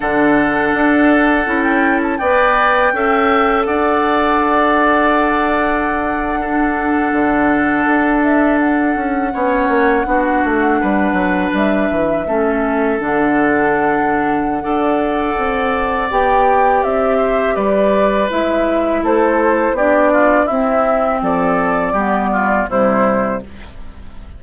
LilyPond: <<
  \new Staff \with { instrumentName = "flute" } { \time 4/4 \tempo 4 = 82 fis''2~ fis''16 g''8 a''16 g''4~ | g''4 fis''2.~ | fis''2.~ fis''16 e''8 fis''16~ | fis''2.~ fis''8. e''16~ |
e''4.~ e''16 fis''2~ fis''16~ | fis''2 g''4 e''4 | d''4 e''4 c''4 d''4 | e''4 d''2 c''4 | }
  \new Staff \with { instrumentName = "oboe" } { \time 4/4 a'2. d''4 | e''4 d''2.~ | d''8. a'2.~ a'16~ | a'8. cis''4 fis'4 b'4~ b'16~ |
b'8. a'2.~ a'16 | d''2.~ d''8 c''8 | b'2 a'4 g'8 f'8 | e'4 a'4 g'8 f'8 e'4 | }
  \new Staff \with { instrumentName = "clarinet" } { \time 4/4 d'2 e'4 b'4 | a'1~ | a'8. d'2.~ d'16~ | d'8. cis'4 d'2~ d'16~ |
d'8. cis'4 d'2~ d'16 | a'2 g'2~ | g'4 e'2 d'4 | c'2 b4 g4 | }
  \new Staff \with { instrumentName = "bassoon" } { \time 4/4 d4 d'4 cis'4 b4 | cis'4 d'2.~ | d'4.~ d'16 d4 d'4~ d'16~ | d'16 cis'8 b8 ais8 b8 a8 g8 fis8 g16~ |
g16 e8 a4 d2~ d16 | d'4 c'4 b4 c'4 | g4 gis4 a4 b4 | c'4 f4 g4 c4 | }
>>